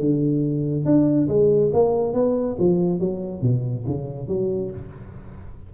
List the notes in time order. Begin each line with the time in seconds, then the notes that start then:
0.00 D3
0.85 D4
1.28 G#3
1.73 A#3
2.14 B3
2.59 F3
3.00 F#3
3.42 B2
3.86 C#3
4.28 F#3